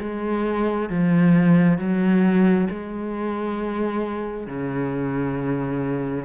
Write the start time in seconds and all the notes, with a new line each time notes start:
0.00 G#3
0.90 F3
1.78 F#3
2.71 G#3
4.47 C#3